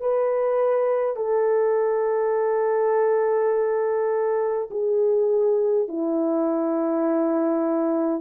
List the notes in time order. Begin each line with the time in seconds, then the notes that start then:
0.00 B4
1.16 A4
4.71 G#4
5.88 E4